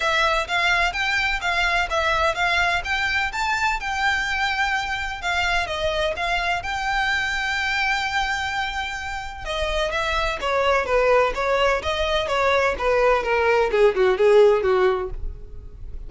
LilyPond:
\new Staff \with { instrumentName = "violin" } { \time 4/4 \tempo 4 = 127 e''4 f''4 g''4 f''4 | e''4 f''4 g''4 a''4 | g''2. f''4 | dis''4 f''4 g''2~ |
g''1 | dis''4 e''4 cis''4 b'4 | cis''4 dis''4 cis''4 b'4 | ais'4 gis'8 fis'8 gis'4 fis'4 | }